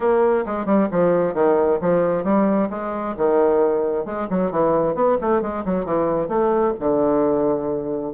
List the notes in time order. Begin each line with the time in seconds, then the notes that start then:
0.00 A#3
0.46 G#3
0.65 G3
0.91 F3
1.33 D#3
1.81 F3
2.23 G3
2.70 G#3
3.17 D#3
4.05 G#3
4.30 F#3
4.51 E3
4.94 B3
5.21 A3
5.41 G#3
5.65 F#3
5.85 E3
6.28 A3
6.79 D3